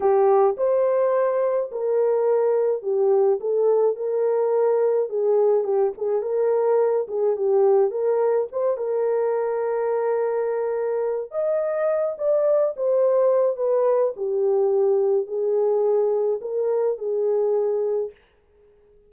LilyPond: \new Staff \with { instrumentName = "horn" } { \time 4/4 \tempo 4 = 106 g'4 c''2 ais'4~ | ais'4 g'4 a'4 ais'4~ | ais'4 gis'4 g'8 gis'8 ais'4~ | ais'8 gis'8 g'4 ais'4 c''8 ais'8~ |
ais'1 | dis''4. d''4 c''4. | b'4 g'2 gis'4~ | gis'4 ais'4 gis'2 | }